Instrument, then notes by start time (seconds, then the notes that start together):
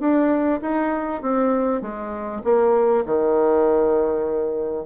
bassoon
0.00 D4
0.61 D#4
1.22 C4
1.82 G#3
2.44 A#3
3.06 D#3